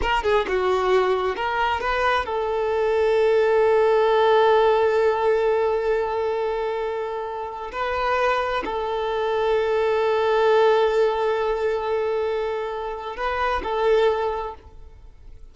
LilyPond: \new Staff \with { instrumentName = "violin" } { \time 4/4 \tempo 4 = 132 ais'8 gis'8 fis'2 ais'4 | b'4 a'2.~ | a'1~ | a'1~ |
a'4 b'2 a'4~ | a'1~ | a'1~ | a'4 b'4 a'2 | }